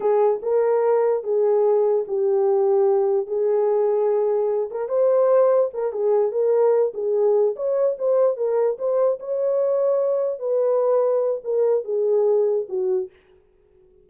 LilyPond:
\new Staff \with { instrumentName = "horn" } { \time 4/4 \tempo 4 = 147 gis'4 ais'2 gis'4~ | gis'4 g'2. | gis'2.~ gis'8 ais'8 | c''2 ais'8 gis'4 ais'8~ |
ais'4 gis'4. cis''4 c''8~ | c''8 ais'4 c''4 cis''4.~ | cis''4. b'2~ b'8 | ais'4 gis'2 fis'4 | }